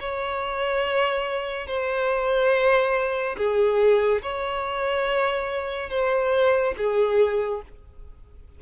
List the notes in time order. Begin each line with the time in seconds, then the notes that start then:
0.00 C#5
1.67 C5
3.38 G#4
4.23 C#5
5.90 C5
6.78 G#4